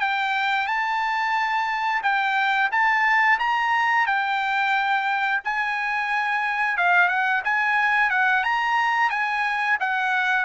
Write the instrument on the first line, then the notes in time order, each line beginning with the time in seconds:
trumpet
0.00 G5
0.67 A5
2.03 G5
2.72 A5
3.39 A#5
4.06 G5
5.45 G#5
6.77 F5
7.08 F#5
7.44 G#5
8.10 F#5
8.44 A#5
9.10 G#5
9.80 F#5